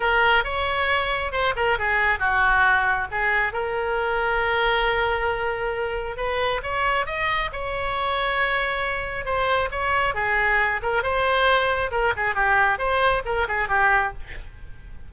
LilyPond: \new Staff \with { instrumentName = "oboe" } { \time 4/4 \tempo 4 = 136 ais'4 cis''2 c''8 ais'8 | gis'4 fis'2 gis'4 | ais'1~ | ais'2 b'4 cis''4 |
dis''4 cis''2.~ | cis''4 c''4 cis''4 gis'4~ | gis'8 ais'8 c''2 ais'8 gis'8 | g'4 c''4 ais'8 gis'8 g'4 | }